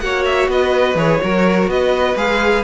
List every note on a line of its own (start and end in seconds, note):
0.00 0.48 A#3
0.00 0.96 F#4
0.00 0.50 C#5
0.00 0.24 F#5
0.25 0.48 E5
0.48 0.95 B3
0.48 1.21 B4
0.48 0.98 D#5
0.95 1.18 E3
0.95 1.20 G#4
0.95 1.69 C#5
1.21 1.67 F#3
1.21 2.17 F#4
1.21 1.71 A#4
1.67 2.15 B3
1.67 2.64 B4
1.67 2.17 D#5
2.16 2.63 G#3
2.16 2.64 G#4
2.16 2.64 F5